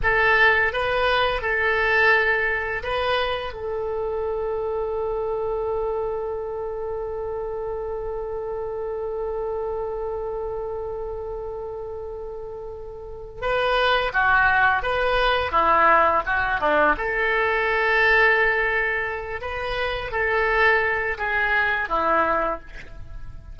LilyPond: \new Staff \with { instrumentName = "oboe" } { \time 4/4 \tempo 4 = 85 a'4 b'4 a'2 | b'4 a'2.~ | a'1~ | a'1~ |
a'2. b'4 | fis'4 b'4 e'4 fis'8 d'8 | a'2.~ a'8 b'8~ | b'8 a'4. gis'4 e'4 | }